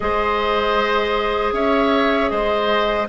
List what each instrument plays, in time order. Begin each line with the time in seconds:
0.00 bassoon G#3, clarinet G#4, oboe C5, flute D#5
1.52 bassoon C#4, oboe C#5, flute E5
2.29 bassoon G#3, oboe C5, flute D#5